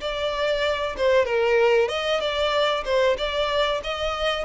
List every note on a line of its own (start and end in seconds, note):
0.00 0.96 D5
0.97 1.25 C5
1.25 1.88 A#4
1.88 2.20 D#5
2.20 2.84 D5
2.85 3.17 C5
3.17 3.81 D5
3.84 4.45 D#5